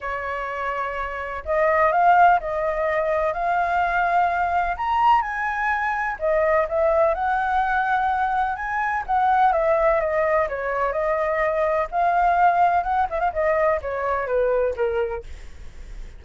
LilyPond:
\new Staff \with { instrumentName = "flute" } { \time 4/4 \tempo 4 = 126 cis''2. dis''4 | f''4 dis''2 f''4~ | f''2 ais''4 gis''4~ | gis''4 dis''4 e''4 fis''4~ |
fis''2 gis''4 fis''4 | e''4 dis''4 cis''4 dis''4~ | dis''4 f''2 fis''8 e''16 f''16 | dis''4 cis''4 b'4 ais'4 | }